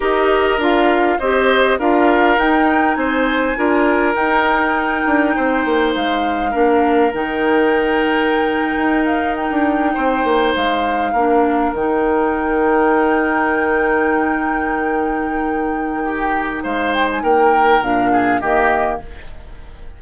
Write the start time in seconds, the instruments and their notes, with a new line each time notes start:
0.00 bassoon D#4, clarinet G4, oboe A#4, flute D#5
0.57 bassoon D4, clarinet F4, flute F5
1.19 bassoon C4, clarinet G4, oboe C5, flute D#5
1.78 bassoon D4, clarinet F4, oboe A#4, flute F5
2.37 bassoon D#4, clarinet D#4, flute G5
2.94 bassoon C4, oboe C5, flute G#5
3.56 bassoon D4, clarinet F4, oboe A#4
4.15 bassoon D#4, clarinet D#4, flute G5
5.05 bassoon D4
5.35 bassoon C4, oboe C5
5.65 bassoon A#3
5.95 bassoon G#3, flute F5
6.50 bassoon A#3, clarinet D4, oboe A#4
7.13 bassoon D#3, clarinet D#4, flute G5
8.76 bassoon D#4
9.05 flute F5
9.35 flute G5
9.50 bassoon D4
9.94 bassoon C4, oboe C5
10.24 bassoon A#3
10.55 bassoon G#3, flute F5
11.12 bassoon A#3, clarinet D4, oboe A#4
11.73 bassoon D#3, clarinet D#4, flute G5
16.03 oboe G4
16.63 bassoon G#3, oboe C5, flute F5
16.93 flute G5
17.11 flute G#5
17.22 bassoon A#3, oboe A#4, flute G5
17.80 bassoon A#2, clarinet D4, flute F5
18.12 oboe G#4
18.40 bassoon D#3, clarinet A#3, oboe G4, flute D#5